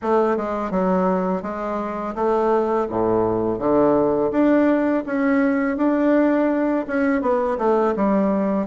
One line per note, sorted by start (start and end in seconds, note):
0.02 0.36 A3
0.36 0.70 G#3
0.70 1.42 F#3
1.42 2.14 G#3
2.15 2.87 A3
2.89 3.58 A2
3.58 4.31 D3
4.31 5.04 D4
5.06 5.77 C#4
5.77 6.85 D4
6.87 7.21 C#4
7.21 7.57 B3
7.58 7.94 A3
7.96 8.66 G3